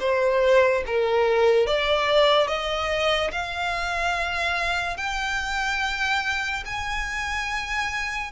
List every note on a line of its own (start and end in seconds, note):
0.00 0.83 C5
0.86 1.67 A#4
1.67 2.48 D5
2.48 3.31 D#5
3.32 4.97 F5
4.97 6.64 G5
6.66 8.32 G#5